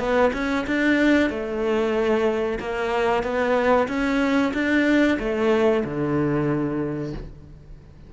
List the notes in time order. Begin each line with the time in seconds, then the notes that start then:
0.00 B3
0.34 C#4
0.67 D4
1.30 A3
2.60 A#3
3.24 B3
3.89 C#4
4.54 D4
5.20 A3
5.85 D3